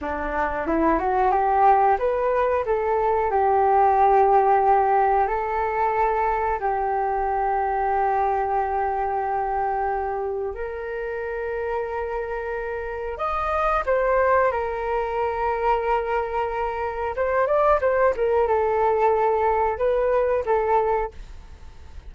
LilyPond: \new Staff \with { instrumentName = "flute" } { \time 4/4 \tempo 4 = 91 d'4 e'8 fis'8 g'4 b'4 | a'4 g'2. | a'2 g'2~ | g'1 |
ais'1 | dis''4 c''4 ais'2~ | ais'2 c''8 d''8 c''8 ais'8 | a'2 b'4 a'4 | }